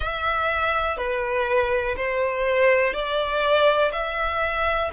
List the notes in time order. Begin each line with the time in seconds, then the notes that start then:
0.00 E5
0.97 B4
1.96 C5
2.93 D5
3.92 E5